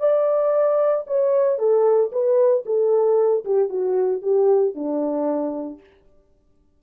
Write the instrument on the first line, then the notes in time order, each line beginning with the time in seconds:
horn
0.00 D5
1.07 C#5
1.59 A4
2.12 B4
2.66 A4
3.45 G4
3.69 F#4
4.22 G4
4.75 D4